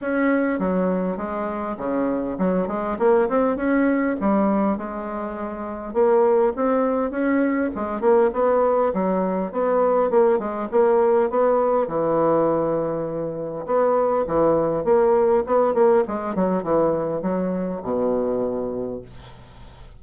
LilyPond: \new Staff \with { instrumentName = "bassoon" } { \time 4/4 \tempo 4 = 101 cis'4 fis4 gis4 cis4 | fis8 gis8 ais8 c'8 cis'4 g4 | gis2 ais4 c'4 | cis'4 gis8 ais8 b4 fis4 |
b4 ais8 gis8 ais4 b4 | e2. b4 | e4 ais4 b8 ais8 gis8 fis8 | e4 fis4 b,2 | }